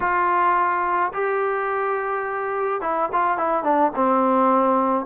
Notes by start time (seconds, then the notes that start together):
0.00 F4
1.13 G4
2.81 E4
3.12 F4
3.37 E4
3.63 D4
3.95 C4